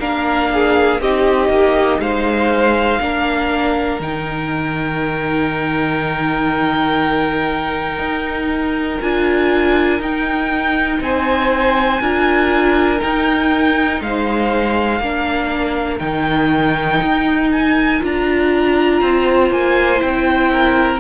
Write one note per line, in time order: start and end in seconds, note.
0.00 1.01 A#3
0.00 1.00 D4
0.00 0.50 A#4
0.00 1.01 F5
0.54 1.02 G#4
1.01 1.49 C4
1.01 3.00 D#4
1.01 2.02 G4
1.01 2.01 D#5
1.49 1.99 A#3
1.99 2.99 G#3
1.99 3.02 C5
1.99 4.01 F5
3.00 4.00 A#3
3.00 4.00 D4
3.00 11.02 A#4
4.00 7.99 D#3
4.00 9.02 D#4
4.00 9.01 G5
7.99 8.99 D#4
9.01 10.00 D4
9.01 10.01 F4
9.01 10.01 G#5
10.00 11.00 D#4
10.00 12.01 D#4
10.00 11.02 G5
11.01 12.01 C4
11.01 12.02 C5
11.01 13.01 G#5
12.01 13.01 D4
12.01 12.99 F4
12.01 14.02 A#4
12.99 14.99 D#4
12.99 14.01 D#4
12.99 14.01 G5
14.01 15.00 G#3
14.01 15.03 C5
14.01 15.99 F5
15.00 16.00 A#3
15.00 16.01 D4
15.00 19.01 A#4
15.99 17.00 D#3
15.99 18.00 D#4
15.99 17.49 G5
17.02 18.02 D#4
17.52 18.02 G#5
18.00 19.02 D4
18.00 19.98 F4
18.00 19.52 A#5
19.01 19.51 C4
19.01 20.51 C5
19.51 20.01 A#3
19.51 20.02 G#5
19.98 21.00 C4
19.98 20.98 E4
19.98 21.00 G5
20.52 21.00 A#4